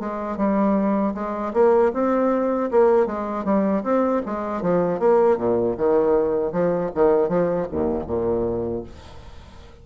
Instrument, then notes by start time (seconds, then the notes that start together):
bassoon
0.00 G#3
0.37 G3
1.14 G#3
1.54 A#3
1.94 C4
2.71 A#3
3.07 G#3
3.45 G3
3.84 C4
4.26 G#3
4.62 F3
5.00 A#3
5.38 A#2
5.78 D#3
6.53 F3
6.95 D#3
7.29 F3
7.72 D#2
8.07 A#2